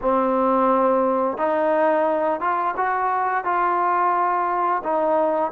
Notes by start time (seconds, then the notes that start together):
0.01 C4
1.37 D#4
2.40 F4
2.76 F#4
3.44 F4
4.83 D#4